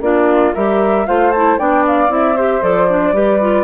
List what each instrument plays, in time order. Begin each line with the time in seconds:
0.00 bassoon A#3, clarinet D4, flute F4 D5
0.54 bassoon G3, clarinet G4, flute A#4 E5
1.06 bassoon A3, clarinet F4, flute C5 F5
1.31 clarinet E4, flute A5
1.58 bassoon B3, clarinet D4, flute D5 G5
1.87 flute F5
2.08 bassoon C4, clarinet E4, flute E5
2.36 clarinet G4, flute C5
2.61 bassoon F3, clarinet A4, flute D5
2.89 clarinet D4
3.12 bassoon G3, clarinet G4, flute B4
3.41 clarinet F4